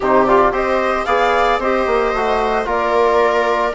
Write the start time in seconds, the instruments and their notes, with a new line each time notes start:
0.00 bassoon C3, trombone D#4, viola G4, flute C5
0.25 trombone F4, flute D5
0.51 bassoon C4, trombone G4, viola C5, flute D#5
1.05 bassoon B3, trombone G#4, viola D5, flute F5
1.59 bassoon C4, trombone G4, viola C5, flute D#5
1.86 bassoon A#3
2.13 bassoon A3, trombone F#4
2.65 bassoon A#3, trombone F4, viola A#4, flute D5